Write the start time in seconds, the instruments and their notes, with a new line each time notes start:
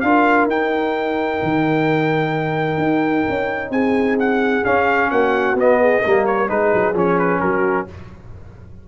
0.00 tuba D4, trombone F4, horn A#4, trumpet F5
0.47 tuba D#4, trombone D#4, trumpet G5
1.42 tuba D#3
2.77 tuba D#4
3.29 tuba C#4
3.70 tuba C4, horn G#4, trumpet G#5
4.19 trumpet F#5
4.64 trombone C#4, tuba C#4, trumpet F5
5.10 tuba A#3, horn F#4, trumpet F#5
5.54 tuba B3, trombone B3, trumpet D#5
5.80 horn G#4
6.01 tuba G3, trombone A#3, horn A#4
6.26 trumpet C#5
6.48 tuba G#3, trombone D#4, horn G#4, trumpet B4
6.74 tuba F#3
6.94 tuba F3, trombone C#4, trumpet C#5
7.18 trumpet B4
7.40 tuba F#3, horn F#4, trumpet A#4